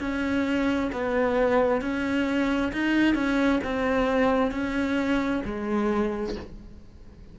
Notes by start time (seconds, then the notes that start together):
0.00 C#4
0.92 B3
1.81 C#4
2.72 D#4
3.14 C#4
3.64 C4
4.51 C#4
5.45 G#3